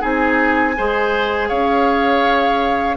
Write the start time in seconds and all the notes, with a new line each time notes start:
0.00 C4 D#4 G#4 G#5
0.77 G#3 G#4 C5
1.48 C#4 C#5 F5